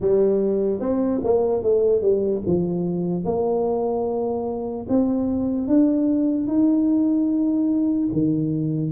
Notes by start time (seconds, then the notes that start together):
0.00 G3
0.80 C4
1.23 A#3
1.63 A3
2.01 G3
2.46 F3
3.24 A#3
4.89 C4
5.67 D4
6.47 D#4
8.13 D#3